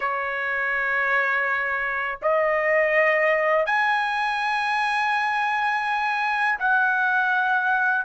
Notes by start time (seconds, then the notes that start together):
0.00 C#5
2.22 D#5
3.66 G#5
6.59 F#5